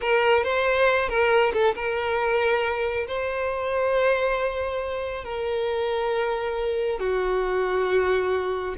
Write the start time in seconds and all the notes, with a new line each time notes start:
0.01 A#4
0.43 C5
1.08 A#4
1.53 A4
1.75 A#4
3.07 C5
5.24 A#4
6.99 F#4